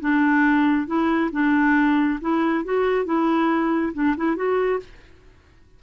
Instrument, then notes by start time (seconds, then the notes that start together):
clarinet
0.00 D4
0.86 E4
1.32 D4
2.20 E4
2.64 F#4
3.05 E4
3.93 D4
4.17 E4
4.36 F#4